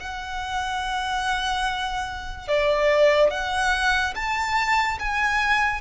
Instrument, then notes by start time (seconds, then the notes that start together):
violin
0.00 F#5
2.48 D5
3.31 F#5
4.15 A5
4.99 G#5